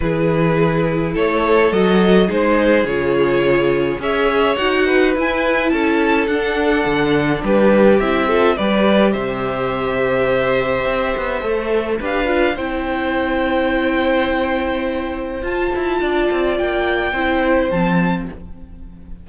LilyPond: <<
  \new Staff \with { instrumentName = "violin" } { \time 4/4 \tempo 4 = 105 b'2 cis''4 dis''4 | c''4 cis''2 e''4 | fis''4 gis''4 a''4 fis''4~ | fis''4 b'4 e''4 d''4 |
e''1~ | e''4 f''4 g''2~ | g''2. a''4~ | a''4 g''2 a''4 | }
  \new Staff \with { instrumentName = "violin" } { \time 4/4 gis'2 a'2 | gis'2. cis''4~ | cis''8 b'4. a'2~ | a'4 g'4. a'8 b'4 |
c''1~ | c''4 b'4 c''2~ | c''1 | d''2 c''2 | }
  \new Staff \with { instrumentName = "viola" } { \time 4/4 e'2. fis'4 | dis'4 f'2 gis'4 | fis'4 e'2 d'4~ | d'2 e'8 f'8 g'4~ |
g'1 | a'4 g'8 f'8 e'2~ | e'2. f'4~ | f'2 e'4 c'4 | }
  \new Staff \with { instrumentName = "cello" } { \time 4/4 e2 a4 fis4 | gis4 cis2 cis'4 | dis'4 e'4 cis'4 d'4 | d4 g4 c'4 g4 |
c2. c'8 b8 | a4 d'4 c'2~ | c'2. f'8 e'8 | d'8 c'8 ais4 c'4 f4 | }
>>